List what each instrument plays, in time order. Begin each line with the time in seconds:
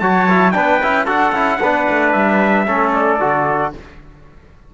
0.00 cello F#3, trombone F#4, trumpet C#5 A5
0.29 trombone E4
0.52 cello B3, trombone D4, trumpet B4 G5
0.83 cello C#4, trombone E4
1.06 cello D4, trombone F#4, trumpet A4 F#5
1.32 cello C#4, trombone E4
1.61 cello B3, trombone D4, trumpet B4
1.90 cello A3
2.12 cello G3, trumpet E5
2.67 cello A3, trombone C#4, trumpet A4
2.94 trumpet D5
3.20 cello D3, trombone F#4